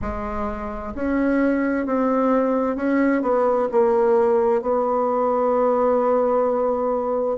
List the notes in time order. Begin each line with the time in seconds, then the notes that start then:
0.01 G#3
0.94 C#4
1.86 C4
2.76 C#4
3.22 B3
3.71 A#3
4.62 B3